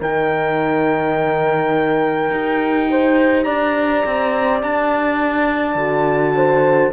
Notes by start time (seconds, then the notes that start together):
0.00 D#3 D#4 A#4 G5
2.31 D#4 G4
2.91 C5
3.44 D4 D5 A#5
4.05 C4
4.62 D4 A5
5.75 D3 F#4
6.36 C5